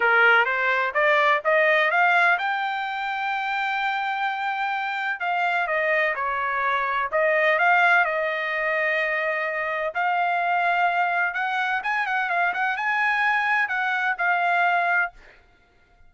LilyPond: \new Staff \with { instrumentName = "trumpet" } { \time 4/4 \tempo 4 = 127 ais'4 c''4 d''4 dis''4 | f''4 g''2.~ | g''2. f''4 | dis''4 cis''2 dis''4 |
f''4 dis''2.~ | dis''4 f''2. | fis''4 gis''8 fis''8 f''8 fis''8 gis''4~ | gis''4 fis''4 f''2 | }